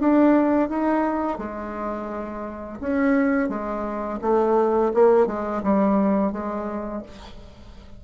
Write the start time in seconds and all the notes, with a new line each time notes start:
0.00 D4
0.69 D#4
1.38 G#3
2.81 C#4
3.49 G#3
4.22 A3
4.94 A#3
5.27 G#3
5.63 G3
6.32 G#3